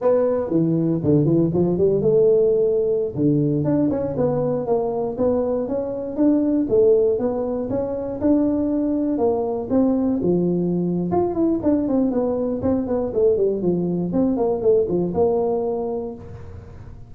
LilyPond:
\new Staff \with { instrumentName = "tuba" } { \time 4/4 \tempo 4 = 119 b4 e4 d8 e8 f8 g8 | a2~ a16 d4 d'8 cis'16~ | cis'16 b4 ais4 b4 cis'8.~ | cis'16 d'4 a4 b4 cis'8.~ |
cis'16 d'2 ais4 c'8.~ | c'16 f4.~ f16 f'8 e'8 d'8 c'8 | b4 c'8 b8 a8 g8 f4 | c'8 ais8 a8 f8 ais2 | }